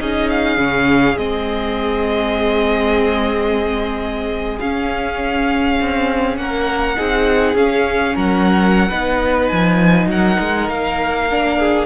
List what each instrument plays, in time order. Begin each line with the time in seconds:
0.00 cello C#4, viola D#4, violin G#4 D#5
0.31 violin F5
0.58 cello C#3, viola C#4
1.17 cello G#3, viola C4, violin D#5
4.60 cello C#4, viola C#4, violin F5
5.81 cello C4
6.37 cello A#3, violin A#4 F#5
6.97 cello C4, viola D#4, violin G#4
7.55 cello C#4, viola C#4, violin F5
8.15 cello F#3, violin A#4 F#5
8.89 cello B3, viola D#4, violin B4
9.48 cello F3, violin G#5
10.07 cello F#3, violin A#4 F#5
10.40 cello G#3
10.69 cello A#3, violin F5
11.31 viola D4
11.59 violin G#4